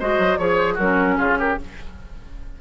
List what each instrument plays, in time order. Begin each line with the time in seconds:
0.00 bassoon G#3, clarinet F#4, oboe C5, flute D#5
0.19 bassoon F#3
0.38 bassoon F3, clarinet G#4, flute C#5, oboe C#5
0.57 flute C5
0.74 bassoon F#3, oboe F#4, flute A#4
0.81 clarinet C#4
1.17 bassoon C#3, oboe F4, flute G#4
1.39 oboe G4, flute A#4